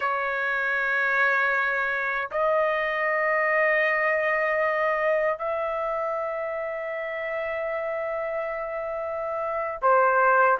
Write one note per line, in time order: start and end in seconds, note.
0.00 2.29 C#5
2.31 5.38 D#5
5.38 9.80 E5
9.81 10.58 C5